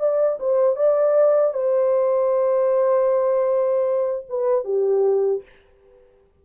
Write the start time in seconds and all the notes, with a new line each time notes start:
0.00 D5
0.40 C5
0.77 D5
1.54 C5
4.30 B4
4.65 G4